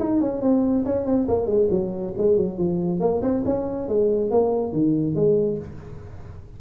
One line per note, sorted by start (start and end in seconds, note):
0.00 0.21 D#4
0.21 0.42 C#4
0.42 0.85 C4
0.85 1.06 C#4
1.06 1.28 C4
1.28 1.47 A#3
1.47 1.68 G#3
1.71 2.14 F#3
2.18 2.37 G#3
2.37 2.58 F#3
2.58 3.00 F3
3.00 3.22 A#3
3.22 3.44 C4
3.46 3.89 C#4
3.89 4.31 G#3
4.31 4.73 A#3
4.73 5.16 D#3
5.16 5.59 G#3